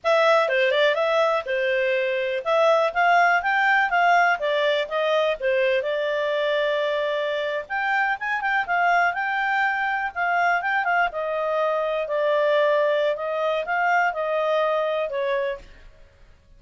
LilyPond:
\new Staff \with { instrumentName = "clarinet" } { \time 4/4 \tempo 4 = 123 e''4 c''8 d''8 e''4 c''4~ | c''4 e''4 f''4 g''4 | f''4 d''4 dis''4 c''4 | d''2.~ d''8. g''16~ |
g''8. gis''8 g''8 f''4 g''4~ g''16~ | g''8. f''4 g''8 f''8 dis''4~ dis''16~ | dis''8. d''2~ d''16 dis''4 | f''4 dis''2 cis''4 | }